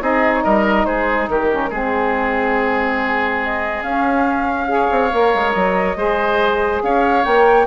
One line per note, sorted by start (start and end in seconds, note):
0.00 0.43 C4
0.00 1.49 D#4
0.00 0.44 G#4
0.00 0.34 D#5
0.34 0.44 C#5
0.44 0.85 G3
0.44 0.86 A#4
0.44 0.85 D#5
0.85 1.28 G#3
0.85 1.29 G#4
0.85 1.27 C5
1.28 1.71 D#3
1.28 1.70 G4
1.28 1.73 A#4
1.49 1.71 C#4
1.70 3.82 G#3
1.70 3.85 C4
1.70 4.68 G#4
1.70 3.43 G#4
3.43 3.83 D#5
3.82 4.88 C#4
3.82 4.67 C#4
3.82 5.52 F5
4.67 5.10 G#4
4.73 5.97 C#5
4.91 5.12 C4
5.12 5.34 A#3
5.12 5.96 A#4
5.35 5.55 G#3
5.52 5.96 F#3
5.52 6.80 D#5
5.96 6.81 G#3
5.96 7.24 G#4
5.96 6.82 C5
6.82 7.25 C#4
6.82 7.67 C#5
6.82 7.24 F5
7.24 7.67 A#3
7.24 7.67 A#4
7.24 7.67 G5